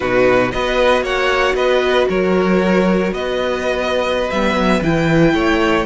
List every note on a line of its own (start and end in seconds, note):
0.00 0.53 B2
0.00 0.51 D#4
0.00 0.52 F#4
0.00 0.51 B4
0.51 1.02 B3
0.51 4.29 F#4
0.51 1.03 B4
0.51 1.03 D#5
1.02 1.54 A#3
1.02 1.55 C#5
1.02 1.55 F#5
1.54 2.06 B3
1.54 2.08 B4
1.54 2.07 D#5
2.09 3.12 F#3
2.09 3.13 A#4
2.09 3.13 C#5
3.12 4.29 B3
3.12 5.34 B4
3.12 4.30 D#5
4.30 4.53 G3
4.30 4.83 B3
4.30 4.82 E5
4.53 4.79 F#3
4.81 5.34 E3
4.81 5.86 E4
4.81 5.86 G5
5.34 5.86 A3
5.34 5.86 C#5